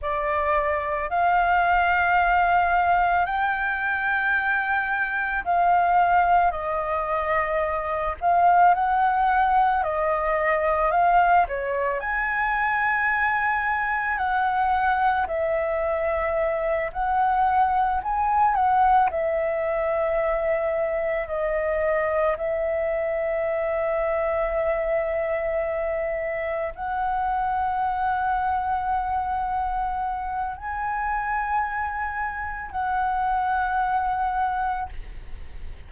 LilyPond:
\new Staff \with { instrumentName = "flute" } { \time 4/4 \tempo 4 = 55 d''4 f''2 g''4~ | g''4 f''4 dis''4. f''8 | fis''4 dis''4 f''8 cis''8 gis''4~ | gis''4 fis''4 e''4. fis''8~ |
fis''8 gis''8 fis''8 e''2 dis''8~ | dis''8 e''2.~ e''8~ | e''8 fis''2.~ fis''8 | gis''2 fis''2 | }